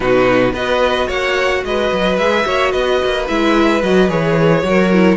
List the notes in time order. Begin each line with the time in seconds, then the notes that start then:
0.00 B2 D#4 F#4 B4
0.52 B3 F#4 B4 D#5
1.07 A#3 C#5 F#5
1.64 G#3 B4 D#5
1.91 F#3
2.17 G#3 G#4 E5
2.45 A#3 F#4 C#5
2.71 B3 B4 D#5
3.05 A#3
3.27 G#3 E4 E5
3.82 F#3 F#4 D#5
4.08 E3 G#4 C#5
4.62 F#3 F#4 A#4
4.92 E4